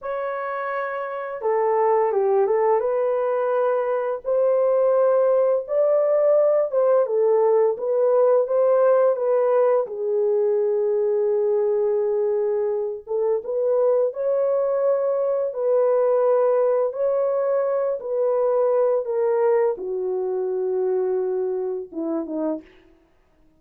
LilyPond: \new Staff \with { instrumentName = "horn" } { \time 4/4 \tempo 4 = 85 cis''2 a'4 g'8 a'8 | b'2 c''2 | d''4. c''8 a'4 b'4 | c''4 b'4 gis'2~ |
gis'2~ gis'8 a'8 b'4 | cis''2 b'2 | cis''4. b'4. ais'4 | fis'2. e'8 dis'8 | }